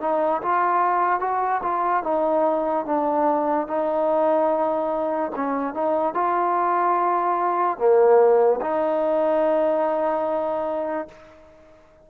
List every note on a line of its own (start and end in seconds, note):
0.00 0.41 D#4
0.41 1.20 F4
1.20 1.61 F#4
1.63 2.03 F4
2.03 2.85 D#4
2.85 3.67 D4
3.67 5.31 D#4
5.35 5.74 C#4
5.74 6.14 D#4
6.14 7.77 F4
7.77 8.60 A#3
8.61 11.07 D#4